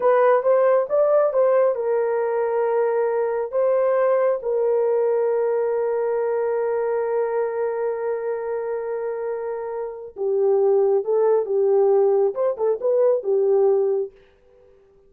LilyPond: \new Staff \with { instrumentName = "horn" } { \time 4/4 \tempo 4 = 136 b'4 c''4 d''4 c''4 | ais'1 | c''2 ais'2~ | ais'1~ |
ais'1~ | ais'2. g'4~ | g'4 a'4 g'2 | c''8 a'8 b'4 g'2 | }